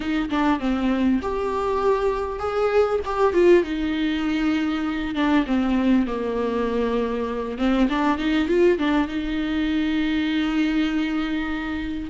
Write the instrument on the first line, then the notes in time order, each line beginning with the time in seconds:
viola
0.00 D#4
0.29 D4
0.59 C4
1.22 G4
2.39 G#4
3.05 G4
3.33 F4
3.63 D#4
5.14 D4
5.46 C4
6.07 A#3
7.58 C4
7.89 D4
8.17 D#4
8.48 F4
8.78 D4
9.07 D#4